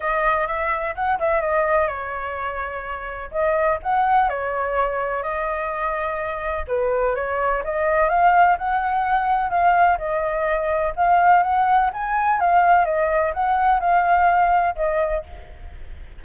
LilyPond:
\new Staff \with { instrumentName = "flute" } { \time 4/4 \tempo 4 = 126 dis''4 e''4 fis''8 e''8 dis''4 | cis''2. dis''4 | fis''4 cis''2 dis''4~ | dis''2 b'4 cis''4 |
dis''4 f''4 fis''2 | f''4 dis''2 f''4 | fis''4 gis''4 f''4 dis''4 | fis''4 f''2 dis''4 | }